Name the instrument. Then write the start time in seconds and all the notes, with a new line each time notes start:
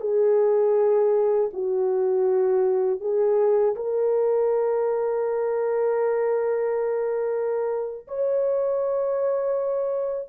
horn
0.00 G#4
1.53 F#4
3.00 G#4
3.75 A#4
8.07 C#5